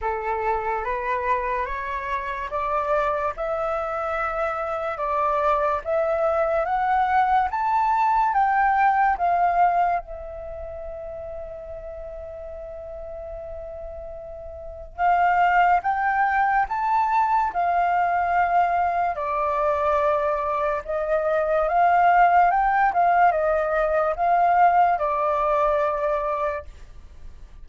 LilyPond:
\new Staff \with { instrumentName = "flute" } { \time 4/4 \tempo 4 = 72 a'4 b'4 cis''4 d''4 | e''2 d''4 e''4 | fis''4 a''4 g''4 f''4 | e''1~ |
e''2 f''4 g''4 | a''4 f''2 d''4~ | d''4 dis''4 f''4 g''8 f''8 | dis''4 f''4 d''2 | }